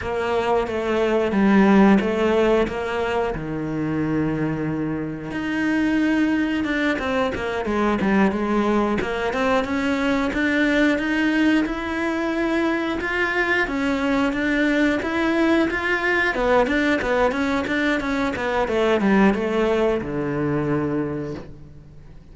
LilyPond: \new Staff \with { instrumentName = "cello" } { \time 4/4 \tempo 4 = 90 ais4 a4 g4 a4 | ais4 dis2. | dis'2 d'8 c'8 ais8 gis8 | g8 gis4 ais8 c'8 cis'4 d'8~ |
d'8 dis'4 e'2 f'8~ | f'8 cis'4 d'4 e'4 f'8~ | f'8 b8 d'8 b8 cis'8 d'8 cis'8 b8 | a8 g8 a4 d2 | }